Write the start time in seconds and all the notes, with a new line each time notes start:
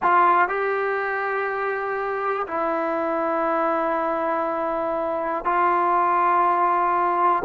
0.02 F4
0.48 G4
2.47 E4
5.44 F4